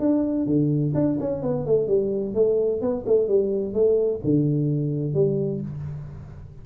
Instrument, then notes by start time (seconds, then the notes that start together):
tuba
0.00 D4
0.47 D3
0.95 D4
1.20 C#4
1.43 B3
1.67 A3
1.88 G3
2.35 A3
2.82 B3
3.07 A3
3.29 G3
3.74 A3
4.24 D3
5.15 G3